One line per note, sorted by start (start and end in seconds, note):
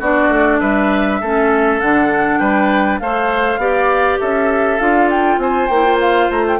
0.00 0.29 B3
0.00 1.23 D4
0.00 0.60 F#4
0.00 0.60 D5
0.29 0.59 A3
0.60 1.22 G3
0.60 1.21 B4
0.60 1.80 E5
1.21 1.81 A3
1.21 1.82 C#4
1.21 2.40 A4
1.81 2.40 D3
1.81 3.02 D4
1.81 2.39 F#5
2.39 3.00 G3
2.39 3.00 B4
2.39 2.99 G5
3.00 3.58 A3
3.00 3.60 A4
3.00 3.61 C5
3.00 4.20 F5
3.58 4.18 B3
3.58 4.80 G4
3.58 4.20 D5
4.20 4.80 C#4
4.20 5.40 A4
4.20 4.80 E5
4.80 5.38 D4
4.80 5.70 F4
4.80 5.10 F5
5.11 5.41 G5
5.38 5.68 C4
5.38 6.60 C5
5.38 5.68 G#5
5.68 6.30 A#3
5.68 5.85 E4
5.68 5.98 G5
5.85 6.60 F4
6.01 6.31 F5
6.31 6.60 A3
6.31 6.46 A#5
6.48 6.60 G5